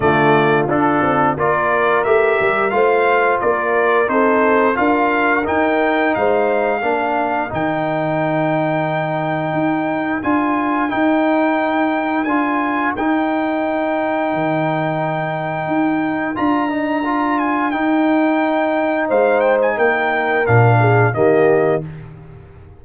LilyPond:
<<
  \new Staff \with { instrumentName = "trumpet" } { \time 4/4 \tempo 4 = 88 d''4 a'4 d''4 e''4 | f''4 d''4 c''4 f''4 | g''4 f''2 g''4~ | g''2. gis''4 |
g''2 gis''4 g''4~ | g''1 | ais''4. gis''8 g''2 | f''8 g''16 gis''16 g''4 f''4 dis''4 | }
  \new Staff \with { instrumentName = "horn" } { \time 4/4 f'2 ais'2 | c''4 ais'4 a'4 ais'4~ | ais'4 c''4 ais'2~ | ais'1~ |
ais'1~ | ais'1~ | ais'1 | c''4 ais'4. gis'8 g'4 | }
  \new Staff \with { instrumentName = "trombone" } { \time 4/4 a4 d'4 f'4 g'4 | f'2 dis'4 f'4 | dis'2 d'4 dis'4~ | dis'2. f'4 |
dis'2 f'4 dis'4~ | dis'1 | f'8 dis'8 f'4 dis'2~ | dis'2 d'4 ais4 | }
  \new Staff \with { instrumentName = "tuba" } { \time 4/4 d4 d'8 c'8 ais4 a8 g8 | a4 ais4 c'4 d'4 | dis'4 gis4 ais4 dis4~ | dis2 dis'4 d'4 |
dis'2 d'4 dis'4~ | dis'4 dis2 dis'4 | d'2 dis'2 | gis4 ais4 ais,4 dis4 | }
>>